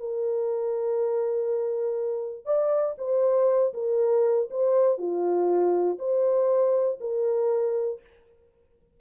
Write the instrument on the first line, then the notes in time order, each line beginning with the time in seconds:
horn
0.00 A#4
2.45 D5
2.98 C5
3.74 A#4
4.50 C5
4.98 F4
5.99 C5
7.00 A#4